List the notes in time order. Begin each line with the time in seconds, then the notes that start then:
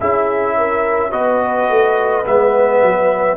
0.00 C#4 E4 G#4 E5
0.58 A#4
1.11 B3 F#4 B4 D#5
1.69 A3
2.24 G#3 B3 E5
2.82 F#3